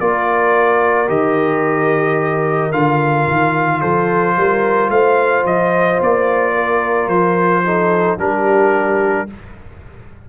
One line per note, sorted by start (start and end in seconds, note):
0.00 1.09 A#3
0.00 1.08 F4
0.00 3.80 A#4
0.00 1.09 D5
1.08 2.72 D#3
1.08 2.72 G4
1.08 2.72 D#5
2.72 3.27 D3
2.72 7.63 F4
2.72 3.81 F5
3.27 3.82 D#3
3.80 4.37 F3
3.80 4.35 A4
3.80 4.90 C5
4.37 4.90 G3
4.37 4.90 A#4
4.90 5.44 A3
4.90 6.54 C5
4.90 5.45 F5
5.45 5.99 F3
5.45 6.01 D#5
6.02 7.07 A#3
6.02 7.08 D5
6.55 7.64 A#4
7.07 8.17 F3
7.07 8.17 C5
7.64 8.18 D#4
7.64 8.19 A4
8.18 9.27 G3
8.18 9.27 D4
8.18 9.29 G4
8.18 9.29 A#4